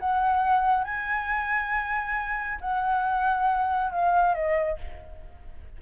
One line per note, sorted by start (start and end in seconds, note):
0.00 0.84 F#5
0.84 2.60 G#5
2.61 3.92 F#5
3.92 4.35 F5
4.35 4.79 D#5